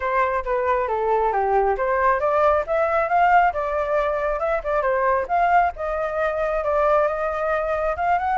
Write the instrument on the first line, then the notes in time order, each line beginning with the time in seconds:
flute
0.00 C5
0.44 B4
0.88 A4
1.32 G4
1.77 C5
2.20 D5
2.66 E5
3.08 F5
3.53 D5
4.39 E5
4.63 D5
4.81 C5
5.27 F5
5.76 D#5
6.64 D5
7.07 D#5
7.96 F5
8.18 F#5